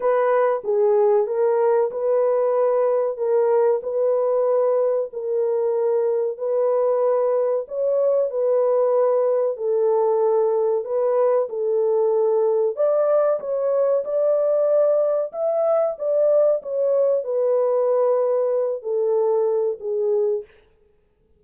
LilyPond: \new Staff \with { instrumentName = "horn" } { \time 4/4 \tempo 4 = 94 b'4 gis'4 ais'4 b'4~ | b'4 ais'4 b'2 | ais'2 b'2 | cis''4 b'2 a'4~ |
a'4 b'4 a'2 | d''4 cis''4 d''2 | e''4 d''4 cis''4 b'4~ | b'4. a'4. gis'4 | }